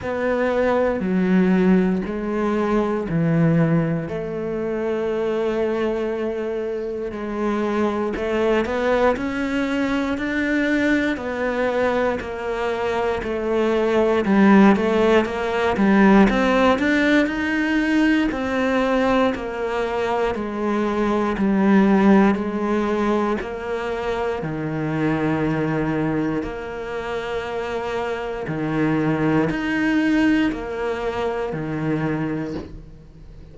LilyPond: \new Staff \with { instrumentName = "cello" } { \time 4/4 \tempo 4 = 59 b4 fis4 gis4 e4 | a2. gis4 | a8 b8 cis'4 d'4 b4 | ais4 a4 g8 a8 ais8 g8 |
c'8 d'8 dis'4 c'4 ais4 | gis4 g4 gis4 ais4 | dis2 ais2 | dis4 dis'4 ais4 dis4 | }